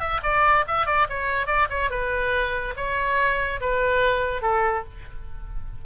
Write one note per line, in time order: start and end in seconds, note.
0.00 0.21 E5
0.23 0.65 D5
0.68 0.86 E5
0.86 1.07 D5
1.10 1.47 C#5
1.47 1.68 D5
1.70 1.91 C#5
1.91 2.75 B4
2.77 3.61 C#5
3.61 4.42 B4
4.42 4.84 A4